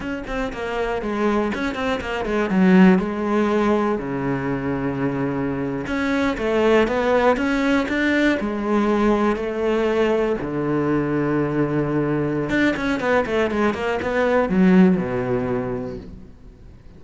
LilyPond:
\new Staff \with { instrumentName = "cello" } { \time 4/4 \tempo 4 = 120 cis'8 c'8 ais4 gis4 cis'8 c'8 | ais8 gis8 fis4 gis2 | cis2.~ cis8. cis'16~ | cis'8. a4 b4 cis'4 d'16~ |
d'8. gis2 a4~ a16~ | a8. d2.~ d16~ | d4 d'8 cis'8 b8 a8 gis8 ais8 | b4 fis4 b,2 | }